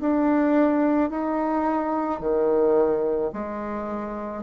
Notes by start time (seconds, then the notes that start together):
0.00 D4
1.10 D#4
2.20 D#3
3.32 G#3